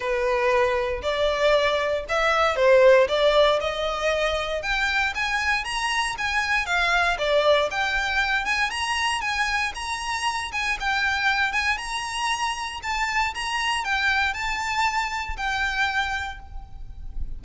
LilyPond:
\new Staff \with { instrumentName = "violin" } { \time 4/4 \tempo 4 = 117 b'2 d''2 | e''4 c''4 d''4 dis''4~ | dis''4 g''4 gis''4 ais''4 | gis''4 f''4 d''4 g''4~ |
g''8 gis''8 ais''4 gis''4 ais''4~ | ais''8 gis''8 g''4. gis''8 ais''4~ | ais''4 a''4 ais''4 g''4 | a''2 g''2 | }